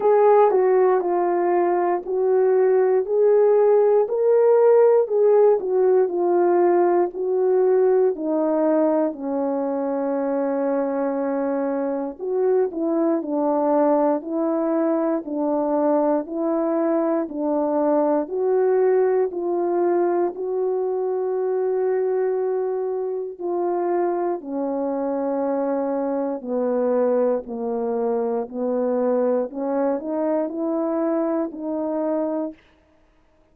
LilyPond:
\new Staff \with { instrumentName = "horn" } { \time 4/4 \tempo 4 = 59 gis'8 fis'8 f'4 fis'4 gis'4 | ais'4 gis'8 fis'8 f'4 fis'4 | dis'4 cis'2. | fis'8 e'8 d'4 e'4 d'4 |
e'4 d'4 fis'4 f'4 | fis'2. f'4 | cis'2 b4 ais4 | b4 cis'8 dis'8 e'4 dis'4 | }